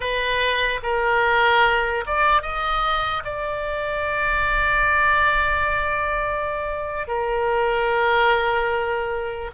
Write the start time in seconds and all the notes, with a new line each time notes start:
0.00 B4
0.82 A#4
2.06 D5
2.42 D#5
3.24 D5
7.07 A#4